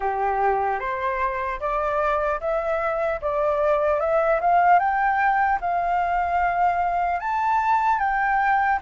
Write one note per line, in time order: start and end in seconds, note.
0.00 0.79 G4
0.79 1.59 C5
1.60 2.40 D5
2.40 3.20 E5
3.21 4.00 D5
4.00 4.40 E5
4.40 4.79 F5
4.79 5.59 G5
5.60 7.20 F5
7.20 7.99 A5
7.99 8.79 G5